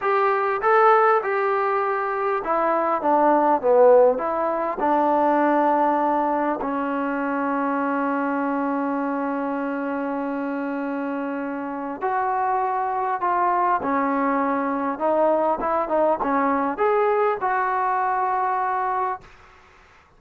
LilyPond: \new Staff \with { instrumentName = "trombone" } { \time 4/4 \tempo 4 = 100 g'4 a'4 g'2 | e'4 d'4 b4 e'4 | d'2. cis'4~ | cis'1~ |
cis'1 | fis'2 f'4 cis'4~ | cis'4 dis'4 e'8 dis'8 cis'4 | gis'4 fis'2. | }